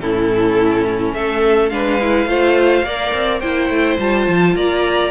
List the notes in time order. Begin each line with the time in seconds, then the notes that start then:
0.00 A2 C#4 E4 A4
1.13 A3 A4 E5
1.69 G#3 D4 B4 F5
2.01 E4
2.26 A3 F4 C5
2.83 A#3 A#4 D5
3.14 C4
3.40 A#3 E4 C5 G5
3.70 A3
3.99 G3 F4 A5
4.28 F3
4.56 A#3 D5 A#5